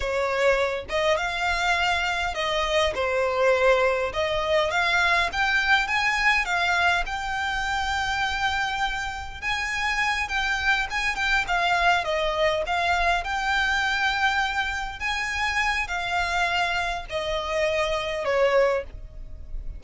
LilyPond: \new Staff \with { instrumentName = "violin" } { \time 4/4 \tempo 4 = 102 cis''4. dis''8 f''2 | dis''4 c''2 dis''4 | f''4 g''4 gis''4 f''4 | g''1 |
gis''4. g''4 gis''8 g''8 f''8~ | f''8 dis''4 f''4 g''4.~ | g''4. gis''4. f''4~ | f''4 dis''2 cis''4 | }